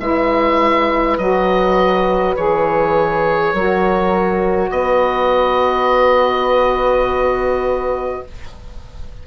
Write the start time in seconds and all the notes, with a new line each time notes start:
0.00 G#3 E4 B4 E5
1.18 F#3 F#4 D#5
2.36 E3 G#4 C#5
3.53 F#3 F#4 A#4
4.71 B3 B4 D#5